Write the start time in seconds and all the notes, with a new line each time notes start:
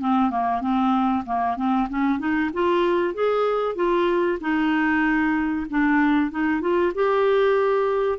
0.00 C4
0.31 A#3
0.61 C4
1.26 A#3
1.56 C4
1.89 C#4
2.19 D#4
2.53 F4
3.14 G#4
3.76 F4
4.40 D#4
5.70 D4
6.31 D#4
6.61 F4
6.95 G4